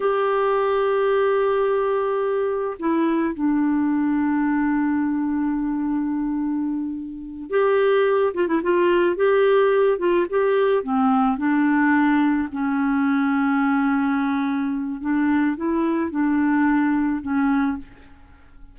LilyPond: \new Staff \with { instrumentName = "clarinet" } { \time 4/4 \tempo 4 = 108 g'1~ | g'4 e'4 d'2~ | d'1~ | d'4. g'4. f'16 e'16 f'8~ |
f'8 g'4. f'8 g'4 c'8~ | c'8 d'2 cis'4.~ | cis'2. d'4 | e'4 d'2 cis'4 | }